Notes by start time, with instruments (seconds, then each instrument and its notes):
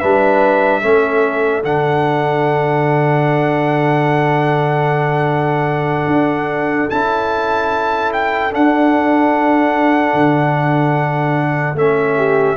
0.00 tuba G3, trombone D4, horn B4, trumpet E5
0.82 tuba A3, trombone C#4, horn A4
1.64 tuba D3, trombone D4, trumpet F#5
6.07 tuba D4
6.90 tuba C#4, trombone E4, trumpet A5
8.13 trumpet G5
8.52 trombone D4, tuba D4, trumpet F#5
10.14 tuba D3
11.74 tuba A3, trombone C#4, trumpet E5
12.17 horn G4